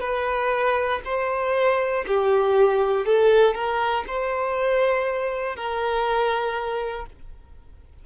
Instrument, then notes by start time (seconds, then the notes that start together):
violin
0.00 B4
1.05 C5
2.07 G4
3.05 A4
3.54 A#4
4.07 C5
5.56 A#4